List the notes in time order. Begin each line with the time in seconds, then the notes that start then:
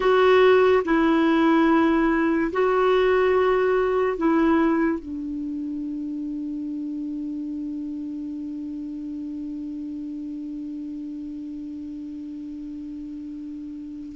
0.00 F#4
0.84 E4
2.52 F#4
4.17 E4
4.99 D4